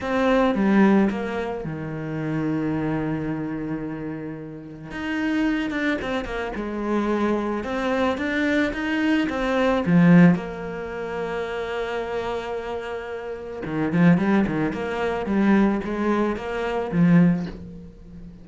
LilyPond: \new Staff \with { instrumentName = "cello" } { \time 4/4 \tempo 4 = 110 c'4 g4 ais4 dis4~ | dis1~ | dis4 dis'4. d'8 c'8 ais8 | gis2 c'4 d'4 |
dis'4 c'4 f4 ais4~ | ais1~ | ais4 dis8 f8 g8 dis8 ais4 | g4 gis4 ais4 f4 | }